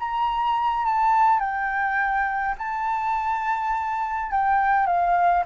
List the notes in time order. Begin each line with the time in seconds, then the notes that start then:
0.00 A#5
0.86 A5
1.40 G5
2.58 A5
4.31 G5
4.87 F5